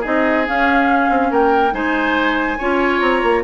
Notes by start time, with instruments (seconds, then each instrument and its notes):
0.00 bassoon C4, clarinet D#4, oboe G#4, flute D#5
0.45 clarinet C#4, bassoon C#4, flute F5
1.09 bassoon C4
1.31 bassoon A#3, oboe A#4, flute G5
1.72 bassoon G#3, clarinet D#4, oboe C5, flute G#5
2.58 bassoon C#4, clarinet F4, oboe C#5
3.00 bassoon C4, flute A#5
3.23 bassoon A#3